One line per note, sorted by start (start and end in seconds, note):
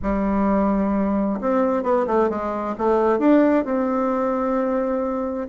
0.02 1.40 G3
1.41 1.83 C4
1.83 2.05 B3
2.07 2.29 A3
2.29 2.75 G#3
2.78 3.19 A3
3.19 3.64 D4
3.64 5.48 C4